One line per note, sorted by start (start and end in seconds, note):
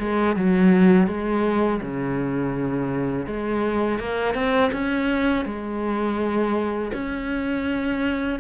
0.00 0.37 G#3
0.37 1.08 F#3
1.08 1.81 G#3
1.82 3.27 C#3
3.27 4.00 G#3
4.00 4.35 A#3
4.35 4.71 C4
4.73 5.46 C#4
5.46 6.92 G#3
6.93 8.40 C#4